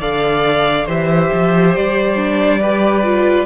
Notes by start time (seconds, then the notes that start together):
0.00 D3 A4 D5 F5
0.85 E3 G4 C5 E5
1.33 F3
1.76 G3 D5
2.16 D4
2.60 G4 B4
3.03 F4